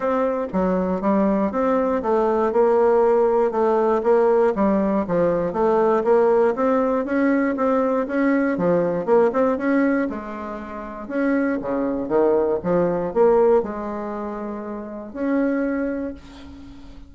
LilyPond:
\new Staff \with { instrumentName = "bassoon" } { \time 4/4 \tempo 4 = 119 c'4 fis4 g4 c'4 | a4 ais2 a4 | ais4 g4 f4 a4 | ais4 c'4 cis'4 c'4 |
cis'4 f4 ais8 c'8 cis'4 | gis2 cis'4 cis4 | dis4 f4 ais4 gis4~ | gis2 cis'2 | }